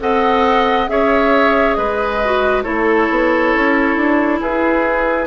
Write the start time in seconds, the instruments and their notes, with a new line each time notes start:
0.00 bassoon C4, clarinet A4, oboe D#5, flute F#5
0.87 bassoon C#4, clarinet G#4, oboe C#5, flute E5
1.74 bassoon G#3, oboe B4, flute D#5
2.24 clarinet F#4
2.63 bassoon A3, clarinet E4, oboe A4, flute C#5
3.10 bassoon B3
3.54 bassoon C#4
3.96 bassoon D4
4.40 bassoon E4, oboe G#4, flute B4